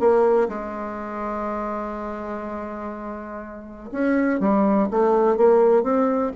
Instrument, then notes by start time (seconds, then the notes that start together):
bassoon
0.00 A#3
0.49 G#3
3.92 C#4
4.40 G3
4.91 A3
5.37 A#3
5.84 C4